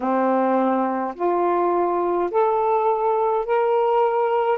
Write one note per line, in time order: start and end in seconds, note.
0.00 1.14 C4
1.15 2.30 F4
2.30 3.45 A4
3.45 4.58 A#4